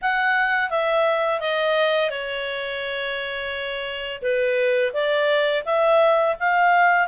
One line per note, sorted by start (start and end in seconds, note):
0.01 0.70 F#5
0.70 1.40 E5
1.40 2.10 D#5
2.10 4.21 C#5
4.22 4.92 B4
4.93 5.63 D5
5.65 6.36 E5
6.39 7.07 F5